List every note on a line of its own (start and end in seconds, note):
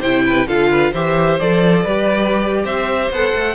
0.00 0.47 C3
0.00 0.47 E4
0.00 0.23 C5
0.00 0.48 G5
0.26 0.47 B4
0.47 0.92 D3
0.47 0.94 F4
0.47 0.70 A4
0.47 0.94 F5
0.71 0.92 B4
0.92 1.40 E3
0.92 1.41 G4
0.92 1.83 C5
0.92 1.40 E5
1.40 1.85 F3
1.40 1.87 A4
1.40 2.66 D5
1.83 2.64 G3
1.83 3.13 G4
1.83 2.63 B4
2.64 3.10 C4
2.64 3.55 C5
2.64 3.12 E5
3.11 3.33 B3
3.11 3.55 A4
3.11 3.55 F#5
3.34 3.55 A3